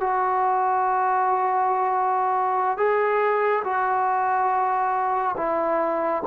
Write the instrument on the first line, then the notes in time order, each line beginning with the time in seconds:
trombone
0.00 F#4
2.77 G#4
3.64 F#4
5.37 E4